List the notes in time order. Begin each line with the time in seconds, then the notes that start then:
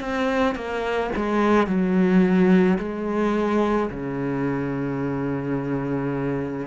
0.00 C4
0.55 A#3
1.16 G#3
1.67 F#3
2.78 G#3
3.89 C#3